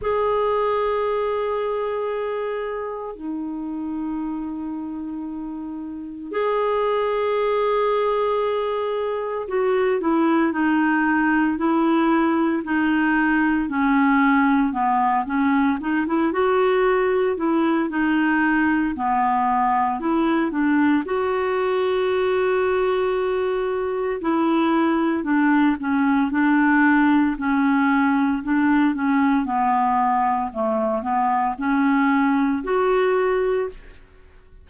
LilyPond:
\new Staff \with { instrumentName = "clarinet" } { \time 4/4 \tempo 4 = 57 gis'2. dis'4~ | dis'2 gis'2~ | gis'4 fis'8 e'8 dis'4 e'4 | dis'4 cis'4 b8 cis'8 dis'16 e'16 fis'8~ |
fis'8 e'8 dis'4 b4 e'8 d'8 | fis'2. e'4 | d'8 cis'8 d'4 cis'4 d'8 cis'8 | b4 a8 b8 cis'4 fis'4 | }